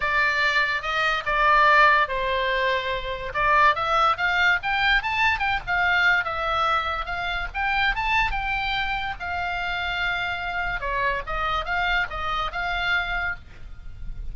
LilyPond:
\new Staff \with { instrumentName = "oboe" } { \time 4/4 \tempo 4 = 144 d''2 dis''4 d''4~ | d''4 c''2. | d''4 e''4 f''4 g''4 | a''4 g''8 f''4. e''4~ |
e''4 f''4 g''4 a''4 | g''2 f''2~ | f''2 cis''4 dis''4 | f''4 dis''4 f''2 | }